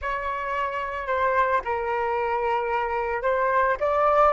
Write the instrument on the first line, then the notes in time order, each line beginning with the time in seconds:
flute
0.01 C#5
1.07 C5
1.64 A#4
3.22 C5
3.80 D5